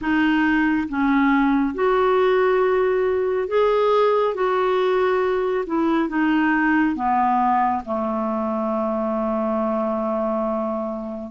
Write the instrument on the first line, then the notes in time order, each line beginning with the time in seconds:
clarinet
0.01 D#4
0.89 C#4
1.74 F#4
3.47 G#4
4.34 F#4
5.66 E4
6.08 D#4
6.95 B3
7.85 A3